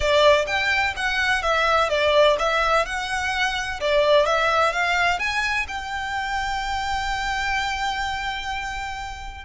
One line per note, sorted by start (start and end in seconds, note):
0.00 0.45 D5
0.46 0.93 G5
0.96 1.42 F#5
1.42 1.89 E5
1.89 2.36 D5
2.38 2.85 E5
2.85 3.80 F#5
3.80 4.26 D5
4.26 4.72 E5
4.72 5.19 F5
5.19 5.66 G#5
5.68 9.44 G5